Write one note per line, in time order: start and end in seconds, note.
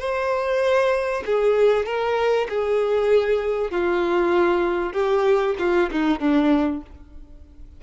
0.00 1.24 C5
1.26 1.86 G#4
1.86 2.48 A#4
2.50 3.72 G#4
3.72 4.94 F4
4.94 5.56 G4
5.59 5.90 F4
5.92 6.20 D#4
6.20 6.82 D4